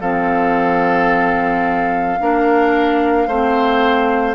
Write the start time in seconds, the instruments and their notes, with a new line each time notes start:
0.00 bassoon F3, clarinet C4, oboe A4, flute F5
2.20 bassoon A#3, clarinet D4, oboe A#4
3.27 bassoon A3, clarinet C4, oboe C5